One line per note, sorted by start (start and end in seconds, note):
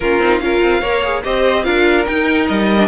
0.00 0.19 A#3
0.00 0.22 C#4
0.00 0.42 F4
0.00 0.39 A#4
0.19 0.39 C4
0.19 0.42 D#4
0.39 0.61 C#4
0.39 0.83 F4
0.39 0.80 A#4
0.39 1.22 F5
0.61 0.82 C4
0.80 1.23 A#3
0.80 1.03 A#4
0.80 1.22 C#5
1.03 1.23 G#4
1.23 1.66 C4
1.23 1.63 G4
1.23 1.64 C5
1.23 1.63 D#5
1.63 2.07 D4
1.63 2.04 F4
1.63 2.88 A#4
1.63 2.05 F5
2.05 2.78 D#4
2.05 2.49 D#4
2.05 2.46 G5
2.47 2.88 G3
2.47 2.88 D#5
2.78 2.88 D4